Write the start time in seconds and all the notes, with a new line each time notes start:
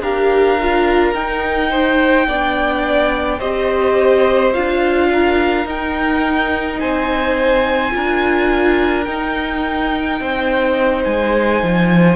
0.00 D4 G4 A#4 F5
0.58 F4
1.14 D#4 G5
1.70 C5
2.27 B3 D4 D5
3.39 C4 G4 C5 D#5
4.53 D4 F4 F5
5.12 A#4
5.65 D#4 G5
6.79 C4 C5 G#5
7.91 D4 F4 A#4
9.04 D#4 G5
10.20 C4 C5
11.04 G#3 G#5
11.62 F3